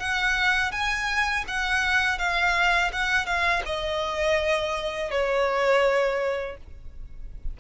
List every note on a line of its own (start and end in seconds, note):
0.00 0.72 F#5
0.72 1.45 G#5
1.48 2.19 F#5
2.19 2.92 F5
2.93 3.26 F#5
3.26 3.63 F5
3.66 5.11 D#5
5.11 6.58 C#5